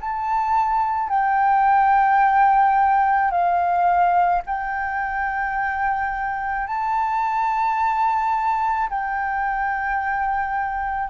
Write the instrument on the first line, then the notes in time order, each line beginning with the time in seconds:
flute
0.00 A5
1.09 G5
3.30 F5
4.46 G5
6.67 A5
8.89 G5